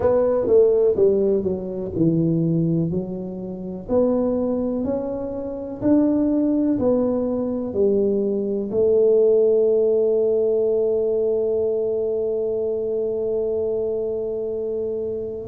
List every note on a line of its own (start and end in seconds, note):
0.00 0.46 B3
0.46 0.95 A3
0.95 1.43 G3
1.43 1.91 F#3
1.96 2.90 E3
2.90 3.87 F#3
3.88 4.84 B3
4.84 5.81 C#4
5.81 6.78 D4
6.78 7.73 B3
7.73 8.70 G3
8.71 15.48 A3